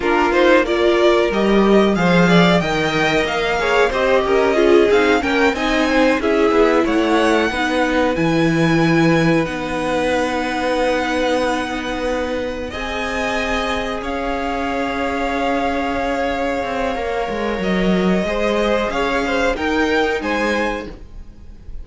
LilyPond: <<
  \new Staff \with { instrumentName = "violin" } { \time 4/4 \tempo 4 = 92 ais'8 c''8 d''4 dis''4 f''4 | g''4 f''4 dis''4. f''8 | g''8 gis''4 e''4 fis''4.~ | fis''8 gis''2 fis''4.~ |
fis''2.~ fis''8 gis''8~ | gis''4. f''2~ f''8~ | f''2. dis''4~ | dis''4 f''4 g''4 gis''4 | }
  \new Staff \with { instrumentName = "violin" } { \time 4/4 f'4 ais'2 c''8 d''8 | dis''4. cis''8 c''8 ais'8 gis'4 | ais'8 dis''8 c''8 gis'4 cis''4 b'8~ | b'1~ |
b'2.~ b'8 dis''8~ | dis''4. cis''2~ cis''8~ | cis''1 | c''4 cis''8 c''8 ais'4 c''4 | }
  \new Staff \with { instrumentName = "viola" } { \time 4/4 d'8 dis'8 f'4 g'4 gis'4 | ais'4. gis'8 g'4 f'8 dis'8 | cis'8 dis'4 e'2 dis'8~ | dis'8 e'2 dis'4.~ |
dis'2.~ dis'8 gis'8~ | gis'1~ | gis'2 ais'2 | gis'2 dis'2 | }
  \new Staff \with { instrumentName = "cello" } { \time 4/4 ais2 g4 f4 | dis4 ais4 c'8 cis'4 c'8 | ais8 c'4 cis'8 b8 a4 b8~ | b8 e2 b4.~ |
b2.~ b8 c'8~ | c'4. cis'2~ cis'8~ | cis'4. c'8 ais8 gis8 fis4 | gis4 cis'4 dis'4 gis4 | }
>>